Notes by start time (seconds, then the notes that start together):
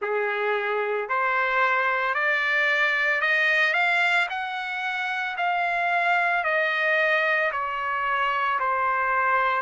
0.01 G#4
1.09 C5
2.14 D5
3.21 D#5
3.73 F5
4.29 F#5
5.37 F5
6.44 D#5
7.52 C#5
8.59 C5